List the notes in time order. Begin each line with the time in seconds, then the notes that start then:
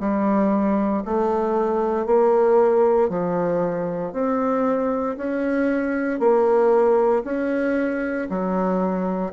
0.00 G3
1.05 A3
2.06 A#3
3.09 F3
4.13 C4
5.17 C#4
6.19 A#3
7.24 C#4
8.29 F#3